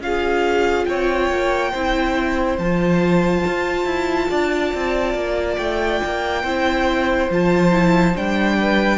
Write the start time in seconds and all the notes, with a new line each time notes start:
0.00 C#4 F4 G#4 F5
0.85 C4 C#5 G5
1.30 A#3
1.71 C4 E4 C5
2.58 F3 F4 A5
3.46 F4
3.85 E4
4.30 D4 D5
4.74 C4
5.14 A#3
5.57 A3 G5
6.05 A#3
6.42 C4 E4 C5
7.30 F3 F4 A5
7.71 E4
8.15 G3 D4 G5
8.60 B4